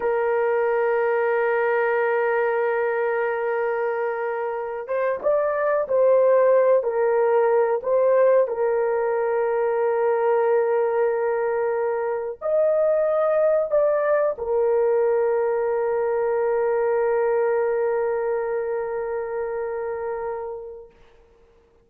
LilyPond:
\new Staff \with { instrumentName = "horn" } { \time 4/4 \tempo 4 = 92 ais'1~ | ais'2.~ ais'8 c''8 | d''4 c''4. ais'4. | c''4 ais'2.~ |
ais'2. dis''4~ | dis''4 d''4 ais'2~ | ais'1~ | ais'1 | }